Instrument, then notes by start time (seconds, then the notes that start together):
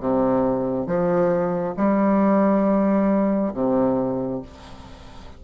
bassoon
0.00 C3
0.86 F3
1.77 G3
3.54 C3